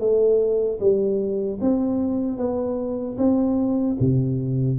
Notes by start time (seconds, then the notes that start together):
0.00 A3
0.80 G3
1.61 C4
2.38 B3
3.18 C4
4.00 C3